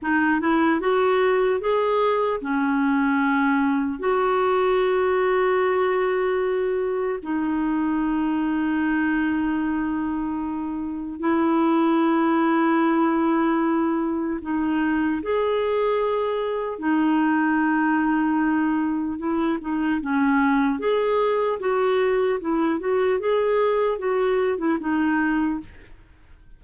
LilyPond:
\new Staff \with { instrumentName = "clarinet" } { \time 4/4 \tempo 4 = 75 dis'8 e'8 fis'4 gis'4 cis'4~ | cis'4 fis'2.~ | fis'4 dis'2.~ | dis'2 e'2~ |
e'2 dis'4 gis'4~ | gis'4 dis'2. | e'8 dis'8 cis'4 gis'4 fis'4 | e'8 fis'8 gis'4 fis'8. e'16 dis'4 | }